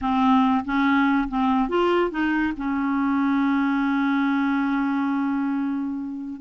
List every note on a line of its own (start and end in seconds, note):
0.01 0.64 C4
0.64 1.28 C#4
1.28 1.68 C4
1.68 2.10 F4
2.10 2.53 D#4
2.56 6.40 C#4